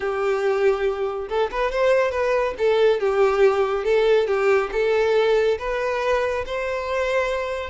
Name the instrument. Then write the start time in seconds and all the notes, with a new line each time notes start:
violin
0.00 G4
1.29 A4
1.51 B4
1.71 C5
2.11 B4
2.57 A4
3.00 G4
3.84 A4
4.27 G4
4.72 A4
5.59 B4
6.45 C5